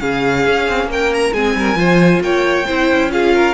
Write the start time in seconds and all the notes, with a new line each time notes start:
0.00 C#3 C#4 G#4 F5
0.46 C#4
0.69 C4
0.85 A#3 A#4
0.92 G5
1.14 A#5
1.33 G#3 C4 G#4 G#5
1.56 G3 A#4
1.75 F3 F4 C5
2.21 A#3 C#5 G5
2.67 C4 E4 C5
2.91 C#4
3.11 F4 G#4 F5
3.34 A#4